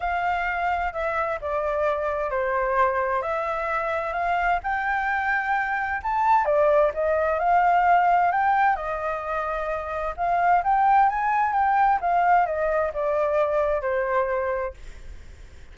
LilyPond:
\new Staff \with { instrumentName = "flute" } { \time 4/4 \tempo 4 = 130 f''2 e''4 d''4~ | d''4 c''2 e''4~ | e''4 f''4 g''2~ | g''4 a''4 d''4 dis''4 |
f''2 g''4 dis''4~ | dis''2 f''4 g''4 | gis''4 g''4 f''4 dis''4 | d''2 c''2 | }